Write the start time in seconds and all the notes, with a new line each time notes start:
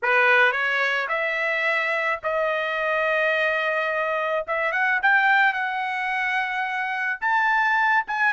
0.02 B4
0.52 C#5
1.08 E5
2.23 D#5
4.47 E5
4.72 F#5
5.02 G5
5.53 F#5
7.20 A5
8.07 G#5